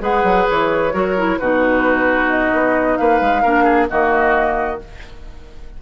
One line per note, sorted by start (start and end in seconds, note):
0.00 0.23 G#3
0.00 0.91 G#4
0.00 0.93 B4
0.00 0.48 F#5
0.23 0.46 F#3
0.49 0.93 E3
0.49 1.38 C#5
0.92 1.39 F#3
0.92 1.15 F#4
0.92 1.38 A#4
1.17 1.39 E4
1.38 2.52 B2
1.38 3.44 D#4
1.38 2.98 F#4
1.38 2.29 B4
2.29 2.96 D#5
2.52 2.97 B3
2.96 3.20 A#3
2.96 3.42 B4
2.96 3.87 F5
3.20 3.43 G#3
3.42 3.90 A#3
3.42 3.88 D4
3.42 3.64 A#4
3.64 3.86 G#4
3.88 4.82 D#3
3.88 4.79 A#3
3.88 4.81 F#4
3.88 4.80 D#5